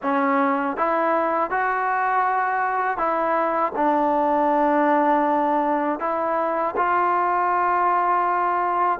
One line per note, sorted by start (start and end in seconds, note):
0.02 0.77 C#4
0.77 1.50 E4
1.50 2.97 F#4
2.97 3.72 E4
3.75 5.99 D4
5.99 6.74 E4
6.76 8.99 F4